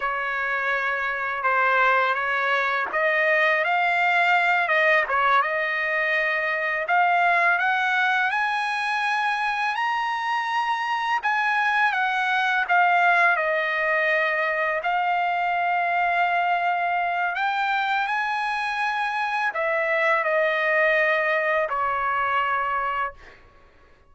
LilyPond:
\new Staff \with { instrumentName = "trumpet" } { \time 4/4 \tempo 4 = 83 cis''2 c''4 cis''4 | dis''4 f''4. dis''8 cis''8 dis''8~ | dis''4. f''4 fis''4 gis''8~ | gis''4. ais''2 gis''8~ |
gis''8 fis''4 f''4 dis''4.~ | dis''8 f''2.~ f''8 | g''4 gis''2 e''4 | dis''2 cis''2 | }